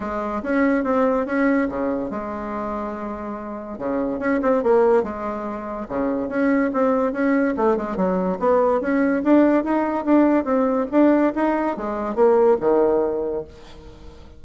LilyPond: \new Staff \with { instrumentName = "bassoon" } { \time 4/4 \tempo 4 = 143 gis4 cis'4 c'4 cis'4 | cis4 gis2.~ | gis4 cis4 cis'8 c'8 ais4 | gis2 cis4 cis'4 |
c'4 cis'4 a8 gis8 fis4 | b4 cis'4 d'4 dis'4 | d'4 c'4 d'4 dis'4 | gis4 ais4 dis2 | }